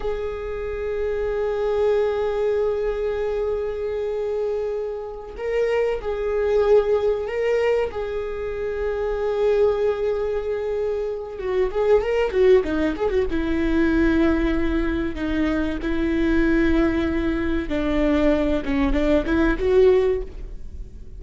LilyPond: \new Staff \with { instrumentName = "viola" } { \time 4/4 \tempo 4 = 95 gis'1~ | gis'1~ | gis'8 ais'4 gis'2 ais'8~ | ais'8 gis'2.~ gis'8~ |
gis'2 fis'8 gis'8 ais'8 fis'8 | dis'8 gis'16 fis'16 e'2. | dis'4 e'2. | d'4. cis'8 d'8 e'8 fis'4 | }